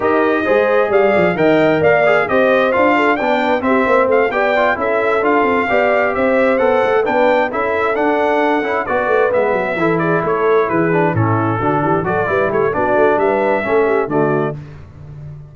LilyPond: <<
  \new Staff \with { instrumentName = "trumpet" } { \time 4/4 \tempo 4 = 132 dis''2 f''4 g''4 | f''4 dis''4 f''4 g''4 | e''4 f''8 g''4 e''4 f''8~ | f''4. e''4 fis''4 g''8~ |
g''8 e''4 fis''2 d''8~ | d''8 e''4. d''8 cis''4 b'8~ | b'8 a'2 d''4 cis''8 | d''4 e''2 d''4 | }
  \new Staff \with { instrumentName = "horn" } { \time 4/4 ais'4 c''4 d''4 dis''4 | d''4 c''4. a'8 d''8 b'8 | g'8 c''4 d''4 a'4.~ | a'8 d''4 c''2 b'8~ |
b'8 a'2. b'8~ | b'4. a'8 gis'8 a'4 gis'8~ | gis'8 e'4 fis'8 g'8 a'8 b'8 g'8 | fis'4 b'4 a'8 g'8 fis'4 | }
  \new Staff \with { instrumentName = "trombone" } { \time 4/4 g'4 gis'2 ais'4~ | ais'8 gis'8 g'4 f'4 d'4 | c'4. g'8 f'8 e'4 f'8~ | f'8 g'2 a'4 d'8~ |
d'8 e'4 d'4. e'8 fis'8~ | fis'8 b4 e'2~ e'8 | d'8 cis'4 d'4 fis'8 e'4 | d'2 cis'4 a4 | }
  \new Staff \with { instrumentName = "tuba" } { \time 4/4 dis'4 gis4 g8 f8 dis4 | ais4 c'4 d'4 b4 | c'8 ais8 a8 b4 cis'4 d'8 | c'8 b4 c'4 b8 a8 b8~ |
b8 cis'4 d'4. cis'8 b8 | a8 gis8 fis8 e4 a4 e8~ | e8 a,4 d8 e8 fis8 g8 a8 | b8 a8 g4 a4 d4 | }
>>